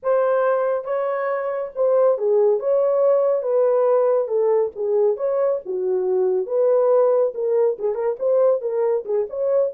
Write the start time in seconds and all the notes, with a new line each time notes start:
0.02 C5
0.84 C#5
1.75 C5
2.18 G#4
2.59 C#5
3.42 B4
4.28 A4
4.75 G#4
5.16 C#5
5.65 F#4
6.46 B4
7.34 A#4
7.79 G#4
7.94 A#4
8.19 C5
8.61 A#4
9.05 G#4
9.29 C#5